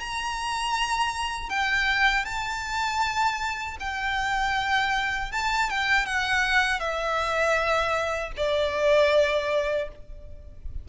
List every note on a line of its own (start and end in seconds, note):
0.00 1.50 A#5
1.50 2.25 G5
2.25 3.77 A5
3.80 5.32 G5
5.32 5.70 A5
5.70 6.06 G5
6.06 6.80 F#5
6.80 8.32 E5
8.37 9.89 D5